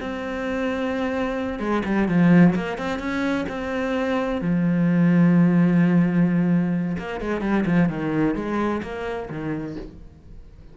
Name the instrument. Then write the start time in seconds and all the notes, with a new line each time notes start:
cello
0.00 C4
1.59 G#3
1.85 G3
2.08 F3
2.55 A#3
2.78 C4
2.99 C#4
3.48 C4
4.41 F3
6.98 A#3
7.21 G#3
7.41 G3
7.66 F3
7.89 D#3
8.35 G#3
8.83 A#3
9.30 D#3